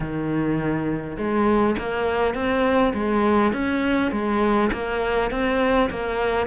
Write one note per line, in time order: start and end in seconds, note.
0.00 1.17 D#3
1.17 1.76 G#3
1.78 2.34 A#3
2.34 2.93 C4
2.94 3.52 G#3
3.52 4.11 C#4
4.11 4.70 G#3
4.72 5.30 A#3
5.30 5.89 C4
5.90 6.46 A#3